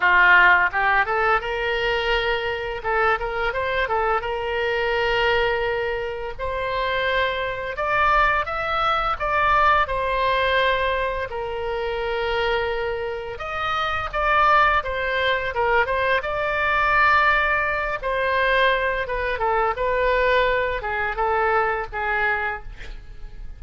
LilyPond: \new Staff \with { instrumentName = "oboe" } { \time 4/4 \tempo 4 = 85 f'4 g'8 a'8 ais'2 | a'8 ais'8 c''8 a'8 ais'2~ | ais'4 c''2 d''4 | e''4 d''4 c''2 |
ais'2. dis''4 | d''4 c''4 ais'8 c''8 d''4~ | d''4. c''4. b'8 a'8 | b'4. gis'8 a'4 gis'4 | }